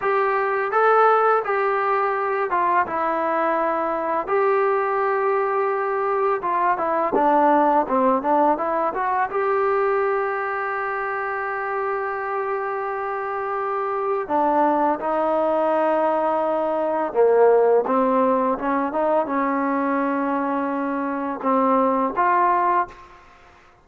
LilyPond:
\new Staff \with { instrumentName = "trombone" } { \time 4/4 \tempo 4 = 84 g'4 a'4 g'4. f'8 | e'2 g'2~ | g'4 f'8 e'8 d'4 c'8 d'8 | e'8 fis'8 g'2.~ |
g'1 | d'4 dis'2. | ais4 c'4 cis'8 dis'8 cis'4~ | cis'2 c'4 f'4 | }